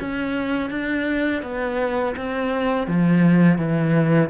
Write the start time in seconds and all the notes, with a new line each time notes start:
0.00 C#4
0.71 D4
1.43 B3
2.17 C4
2.88 F3
3.58 E3